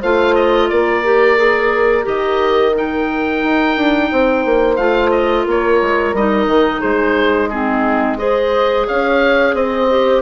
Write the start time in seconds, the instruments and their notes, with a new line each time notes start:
0.00 bassoon A3, clarinet F4, horn C5, oboe F5
0.35 oboe D#5
0.69 bassoon A#3, horn A#4, oboe D5
1.03 clarinet G4
1.37 clarinet G#4
2.03 bassoon D#3, clarinet G4, oboe D#5
2.75 clarinet D#4, oboe G5
3.43 bassoon D#4
3.76 bassoon D4
4.10 bassoon C4, horn C5
4.45 bassoon A#3
4.76 bassoon A3, clarinet F4, oboe F5
5.10 oboe D#5
5.45 bassoon A#3, horn A#4, oboe C#5
5.81 bassoon G#3
6.13 bassoon G3, clarinet D#4, oboe D#5
6.46 bassoon D#3
6.80 bassoon G#3, horn G#4, oboe C5
7.49 clarinet C4, horn D#4, oboe G#4
8.18 clarinet G#4, horn C5, oboe D#5
8.87 bassoon C#4, horn C#5, oboe F5
9.54 bassoon C4, horn C5, oboe D#5
9.89 clarinet G4